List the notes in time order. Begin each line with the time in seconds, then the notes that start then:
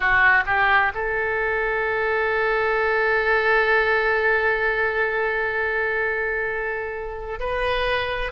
0.00 F#4
0.46 G4
0.94 A4
7.39 B4